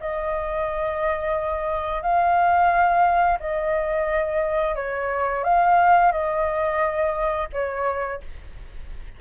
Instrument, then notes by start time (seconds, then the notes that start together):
flute
0.00 D#5
2.02 F5
3.39 D#5
4.75 C#5
5.43 F5
6.11 D#5
7.52 C#5